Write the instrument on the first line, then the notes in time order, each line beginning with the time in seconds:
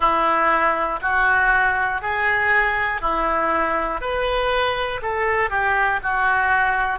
oboe
0.00 E4
1.01 F#4
2.01 G#4
3.01 E4
4.00 B4
5.01 A4
5.50 G4
6.02 F#4